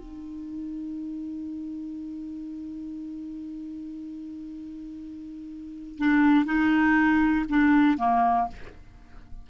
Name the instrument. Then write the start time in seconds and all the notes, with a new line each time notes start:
clarinet
0.00 D#4
5.98 D4
6.46 D#4
7.49 D4
7.98 A#3